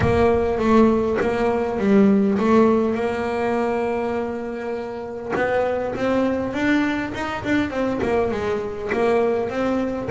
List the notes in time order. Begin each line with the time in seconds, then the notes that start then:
0.00 A#3
0.58 A3
1.20 A#3
1.78 G3
2.38 A3
2.94 A#3
5.35 B3
5.95 C4
6.53 D4
7.14 D#4
7.43 D4
7.70 C4
8.01 A#3
8.31 G#3
8.92 A#3
9.49 C4